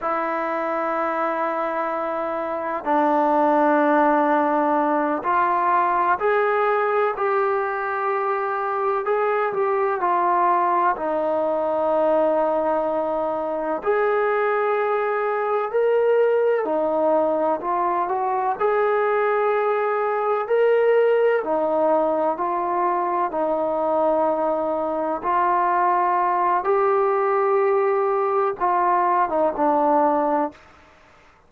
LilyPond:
\new Staff \with { instrumentName = "trombone" } { \time 4/4 \tempo 4 = 63 e'2. d'4~ | d'4. f'4 gis'4 g'8~ | g'4. gis'8 g'8 f'4 dis'8~ | dis'2~ dis'8 gis'4.~ |
gis'8 ais'4 dis'4 f'8 fis'8 gis'8~ | gis'4. ais'4 dis'4 f'8~ | f'8 dis'2 f'4. | g'2 f'8. dis'16 d'4 | }